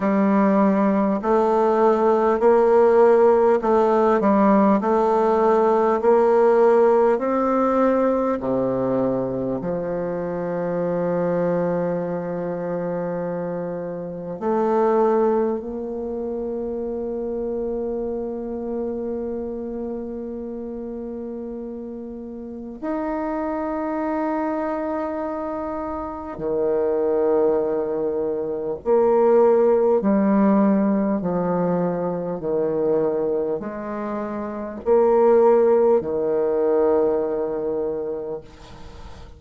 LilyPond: \new Staff \with { instrumentName = "bassoon" } { \time 4/4 \tempo 4 = 50 g4 a4 ais4 a8 g8 | a4 ais4 c'4 c4 | f1 | a4 ais2.~ |
ais2. dis'4~ | dis'2 dis2 | ais4 g4 f4 dis4 | gis4 ais4 dis2 | }